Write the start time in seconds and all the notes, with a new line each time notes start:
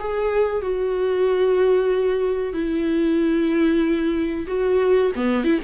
0.00 G#4
0.62 F#4
2.53 E4
4.48 F#4
5.16 B3
5.45 E4